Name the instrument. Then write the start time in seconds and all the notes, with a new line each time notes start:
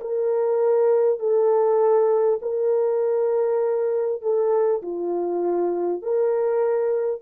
horn
0.00 A#4
1.19 A4
2.42 A#4
4.21 A4
4.82 F4
6.02 A#4